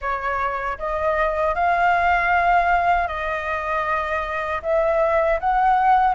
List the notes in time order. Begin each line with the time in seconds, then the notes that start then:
0.01 C#5
0.78 D#5
1.54 F5
3.07 D#5
4.62 E5
5.40 F#5